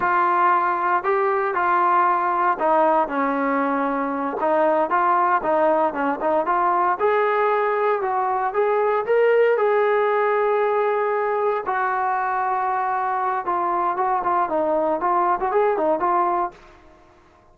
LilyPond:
\new Staff \with { instrumentName = "trombone" } { \time 4/4 \tempo 4 = 116 f'2 g'4 f'4~ | f'4 dis'4 cis'2~ | cis'8 dis'4 f'4 dis'4 cis'8 | dis'8 f'4 gis'2 fis'8~ |
fis'8 gis'4 ais'4 gis'4.~ | gis'2~ gis'8 fis'4.~ | fis'2 f'4 fis'8 f'8 | dis'4 f'8. fis'16 gis'8 dis'8 f'4 | }